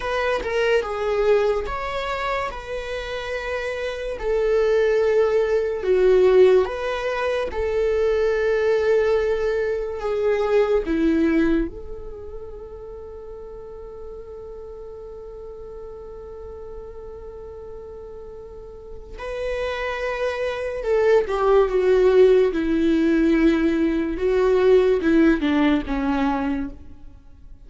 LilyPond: \new Staff \with { instrumentName = "viola" } { \time 4/4 \tempo 4 = 72 b'8 ais'8 gis'4 cis''4 b'4~ | b'4 a'2 fis'4 | b'4 a'2. | gis'4 e'4 a'2~ |
a'1~ | a'2. b'4~ | b'4 a'8 g'8 fis'4 e'4~ | e'4 fis'4 e'8 d'8 cis'4 | }